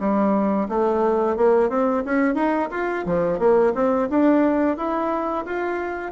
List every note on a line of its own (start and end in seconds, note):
0.00 0.68 G3
0.69 1.37 A3
1.37 1.70 A#3
1.70 2.04 C4
2.05 2.35 C#4
2.35 2.69 D#4
2.71 3.05 F4
3.06 3.39 F3
3.39 3.73 A#3
3.75 4.09 C4
4.10 4.77 D4
4.77 5.45 E4
5.45 6.12 F4